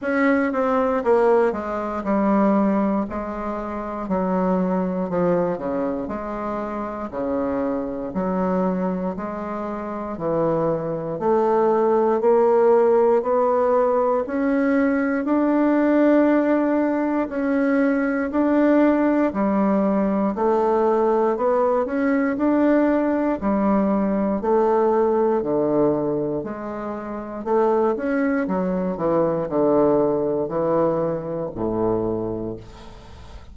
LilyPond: \new Staff \with { instrumentName = "bassoon" } { \time 4/4 \tempo 4 = 59 cis'8 c'8 ais8 gis8 g4 gis4 | fis4 f8 cis8 gis4 cis4 | fis4 gis4 e4 a4 | ais4 b4 cis'4 d'4~ |
d'4 cis'4 d'4 g4 | a4 b8 cis'8 d'4 g4 | a4 d4 gis4 a8 cis'8 | fis8 e8 d4 e4 a,4 | }